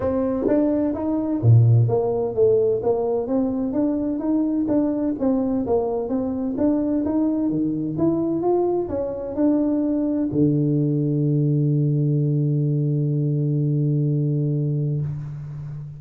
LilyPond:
\new Staff \with { instrumentName = "tuba" } { \time 4/4 \tempo 4 = 128 c'4 d'4 dis'4 ais,4 | ais4 a4 ais4 c'4 | d'4 dis'4 d'4 c'4 | ais4 c'4 d'4 dis'4 |
dis4 e'4 f'4 cis'4 | d'2 d2~ | d1~ | d1 | }